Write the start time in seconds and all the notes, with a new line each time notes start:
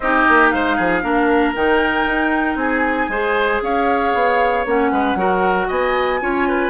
0.00 C4 D#4 G4 D#5
0.28 A#3
0.50 G#3 C5 F5
0.76 F3 G#4
1.02 A#3 D4 A#4
1.55 D#3 D#4 G5
2.05 D#4
2.55 C4 G#4 G#5
3.08 G#3 G#4 C5
3.62 C#4 C#5 F5
4.14 B3
4.65 A#3 C#4 F#5
4.91 G#3 B4
5.15 F#3 F#4 A#4
5.67 B3 D#5 G#5
6.20 C#4 F4 C#5
6.48 B4